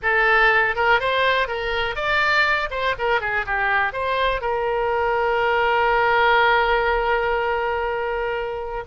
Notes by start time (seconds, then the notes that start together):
0.02 A4
0.75 A#4
0.99 C5
1.47 A#4
1.95 D5
2.70 C5
2.98 A#4
3.21 G#4
3.46 G4
3.92 C5
4.41 A#4